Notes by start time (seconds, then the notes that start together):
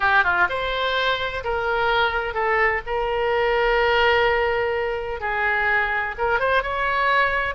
0.00 G4
0.24 F4
0.49 C5
1.44 A#4
2.34 A4
2.86 A#4
5.20 G#4
6.17 A#4
6.39 C5
6.62 C#5